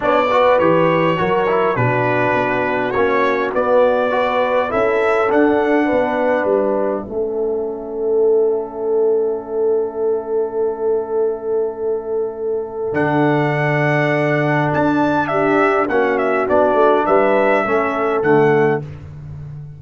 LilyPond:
<<
  \new Staff \with { instrumentName = "trumpet" } { \time 4/4 \tempo 4 = 102 d''4 cis''2 b'4~ | b'4 cis''4 d''2 | e''4 fis''2 e''4~ | e''1~ |
e''1~ | e''2 fis''2~ | fis''4 a''4 e''4 fis''8 e''8 | d''4 e''2 fis''4 | }
  \new Staff \with { instrumentName = "horn" } { \time 4/4 cis''8 b'4. ais'4 fis'4~ | fis'2. b'4 | a'2 b'2 | a'1~ |
a'1~ | a'1~ | a'2 g'4 fis'4~ | fis'4 b'4 a'2 | }
  \new Staff \with { instrumentName = "trombone" } { \time 4/4 d'8 fis'8 g'4 fis'8 e'8 d'4~ | d'4 cis'4 b4 fis'4 | e'4 d'2. | cis'1~ |
cis'1~ | cis'2 d'2~ | d'2. cis'4 | d'2 cis'4 a4 | }
  \new Staff \with { instrumentName = "tuba" } { \time 4/4 b4 e4 fis4 b,4 | b4 ais4 b2 | cis'4 d'4 b4 g4 | a1~ |
a1~ | a2 d2~ | d4 d'2 ais4 | b8 a8 g4 a4 d4 | }
>>